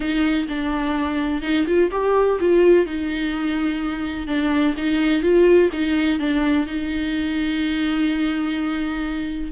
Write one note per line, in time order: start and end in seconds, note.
0.00 0.47 D#4
0.48 1.42 D4
1.42 1.65 D#4
1.67 1.90 F4
1.91 2.38 G4
2.40 2.86 F4
2.86 4.27 D#4
4.27 4.74 D4
4.77 5.22 D#4
5.22 5.69 F4
5.72 6.19 D#4
6.19 6.66 D4
6.67 9.51 D#4